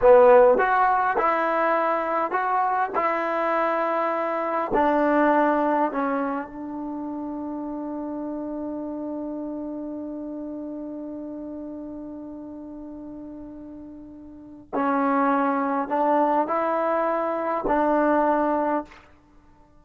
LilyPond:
\new Staff \with { instrumentName = "trombone" } { \time 4/4 \tempo 4 = 102 b4 fis'4 e'2 | fis'4 e'2. | d'2 cis'4 d'4~ | d'1~ |
d'1~ | d'1~ | d'4 cis'2 d'4 | e'2 d'2 | }